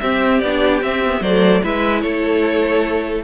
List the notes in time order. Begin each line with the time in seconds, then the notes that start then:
0.00 C4 G4 E5
0.40 B3 D4 D5
0.82 C4 E5
1.06 B3
1.21 F#3 A3 C5 D5
1.62 G#3 E4 B4 E5
2.01 A3 A4 C#5